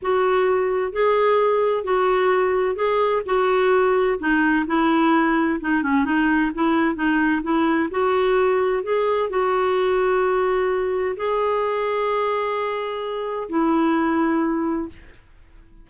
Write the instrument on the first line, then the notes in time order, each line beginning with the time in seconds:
clarinet
0.01 F#4
0.92 G#4
1.84 F#4
2.75 G#4
3.25 F#4
4.19 D#4
4.66 E4
5.60 D#4
5.82 C#4
6.04 D#4
6.54 E4
6.95 D#4
7.42 E4
7.90 F#4
8.83 G#4
9.29 F#4
11.16 G#4
13.49 E4